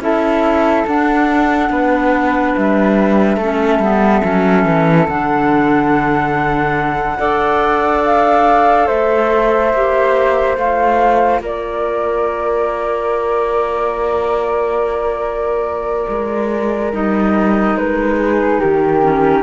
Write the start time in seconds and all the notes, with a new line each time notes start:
0.00 C#4 E4 A4 E5
0.87 D4 F#5
1.70 B3 B4
2.56 G3 E5
3.37 A3 C#4 A4
3.80 G3 B3
4.23 F#3 C#4
4.66 E3
5.08 D3 D4 F#5
7.18 D4 A4 D5
8.04 F5
8.87 A3 C5 E5
9.74 A#3 G4
10.57 A3 F4 F5
11.41 A#3 A#4 D5
16.09 G#3
16.93 G3 D#4 D#5
17.75 G#3 B4
18.19 G#4
18.60 D#3 G4 A#4
19.02 C#4